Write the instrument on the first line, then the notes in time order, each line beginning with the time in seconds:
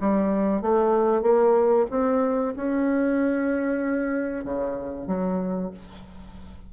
bassoon
0.00 G3
0.61 A3
1.22 A#3
1.90 C4
2.56 C#4
4.44 C#3
5.07 F#3